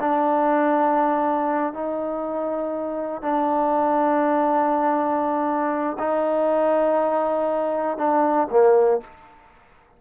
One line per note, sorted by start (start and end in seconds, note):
0.00 1.73 D4
1.73 3.22 D#4
3.22 5.97 D4
5.99 7.98 D#4
7.98 8.48 D4
8.51 9.01 A#3